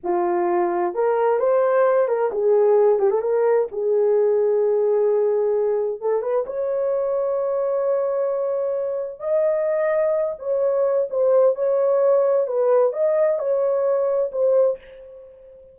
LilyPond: \new Staff \with { instrumentName = "horn" } { \time 4/4 \tempo 4 = 130 f'2 ais'4 c''4~ | c''8 ais'8 gis'4. g'16 a'16 ais'4 | gis'1~ | gis'4 a'8 b'8 cis''2~ |
cis''1 | dis''2~ dis''8 cis''4. | c''4 cis''2 b'4 | dis''4 cis''2 c''4 | }